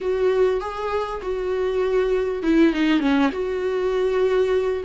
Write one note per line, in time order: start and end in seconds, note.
0.00 0.60 F#4
0.60 1.21 G#4
1.21 2.42 F#4
2.42 2.73 E4
2.73 3.00 D#4
3.00 3.30 C#4
3.32 4.83 F#4